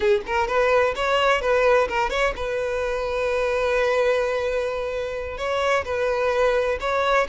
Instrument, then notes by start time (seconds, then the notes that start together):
violin
0.00 G#4
0.26 A#4
0.47 B4
0.95 C#5
1.41 B4
1.88 A#4
2.10 C#5
2.36 B4
5.37 C#5
5.84 B4
6.80 C#5